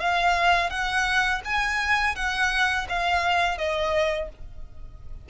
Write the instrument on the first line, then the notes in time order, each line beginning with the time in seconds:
violin
0.00 F5
0.70 F#5
1.44 G#5
2.16 F#5
2.89 F5
3.58 D#5